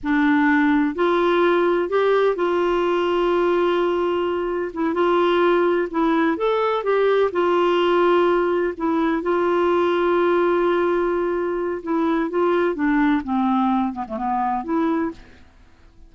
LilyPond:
\new Staff \with { instrumentName = "clarinet" } { \time 4/4 \tempo 4 = 127 d'2 f'2 | g'4 f'2.~ | f'2 e'8 f'4.~ | f'8 e'4 a'4 g'4 f'8~ |
f'2~ f'8 e'4 f'8~ | f'1~ | f'4 e'4 f'4 d'4 | c'4. b16 a16 b4 e'4 | }